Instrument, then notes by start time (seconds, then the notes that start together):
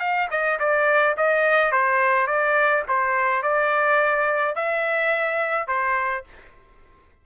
trumpet
0.00 F5
0.31 D#5
0.60 D5
1.17 D#5
1.72 C5
2.27 D5
2.89 C5
3.43 D5
4.56 E5
5.68 C5